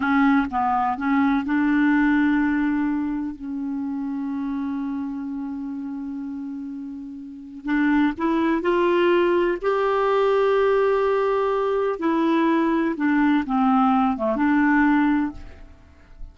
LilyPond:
\new Staff \with { instrumentName = "clarinet" } { \time 4/4 \tempo 4 = 125 cis'4 b4 cis'4 d'4~ | d'2. cis'4~ | cis'1~ | cis'1 |
d'4 e'4 f'2 | g'1~ | g'4 e'2 d'4 | c'4. a8 d'2 | }